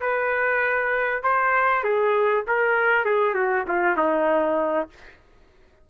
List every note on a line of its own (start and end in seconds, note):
0.00 1.22 B4
1.22 1.83 C5
1.83 2.45 G#4
2.47 3.04 A#4
3.04 3.34 G#4
3.34 3.65 F#4
3.67 3.97 F4
3.97 4.88 D#4